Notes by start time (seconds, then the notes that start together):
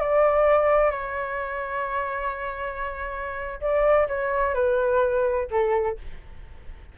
0.00 D5
0.91 C#5
3.60 D5
4.08 C#5
4.54 B4
5.51 A4